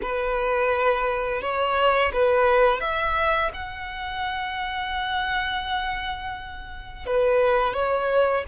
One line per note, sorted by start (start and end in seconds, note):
0.02 1.41 B4
1.41 2.12 C#5
2.12 2.80 B4
2.80 3.51 E5
3.53 7.06 F#5
7.06 7.73 B4
7.73 8.44 C#5